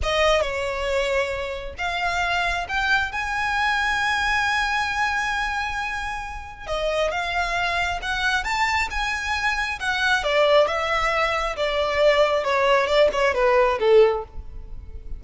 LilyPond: \new Staff \with { instrumentName = "violin" } { \time 4/4 \tempo 4 = 135 dis''4 cis''2. | f''2 g''4 gis''4~ | gis''1~ | gis''2. dis''4 |
f''2 fis''4 a''4 | gis''2 fis''4 d''4 | e''2 d''2 | cis''4 d''8 cis''8 b'4 a'4 | }